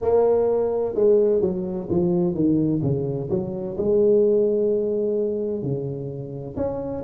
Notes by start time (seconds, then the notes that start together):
0.01 A#3
0.95 G#3
1.41 F#3
1.89 F3
2.34 D#3
2.82 C#3
3.30 F#3
3.78 G#3
5.62 C#3
6.56 C#4